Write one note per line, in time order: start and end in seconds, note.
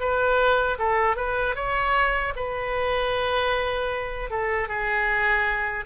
0.00 0.78 B4
0.79 1.16 A4
1.16 1.55 B4
1.55 2.33 C#5
2.36 4.30 B4
4.30 4.68 A4
4.68 5.85 G#4